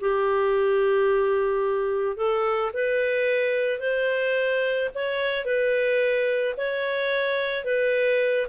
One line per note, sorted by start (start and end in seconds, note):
0.00 2.16 G4
2.16 2.71 A4
2.73 3.79 B4
3.79 4.89 C5
4.94 5.44 C#5
5.44 6.55 B4
6.57 7.64 C#5
7.64 8.47 B4